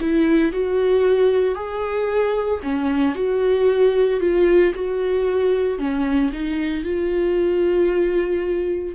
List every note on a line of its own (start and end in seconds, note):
0.00 0.52 E4
0.52 1.55 F#4
1.55 2.60 G#4
2.63 3.14 C#4
3.14 4.20 F#4
4.20 4.73 F4
4.74 5.78 F#4
5.78 6.31 C#4
6.32 6.84 D#4
6.84 8.94 F4